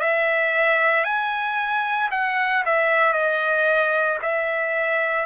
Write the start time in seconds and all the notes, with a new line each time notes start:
0.00 E5
1.04 G#5
2.11 F#5
2.66 E5
3.13 D#5
4.22 E5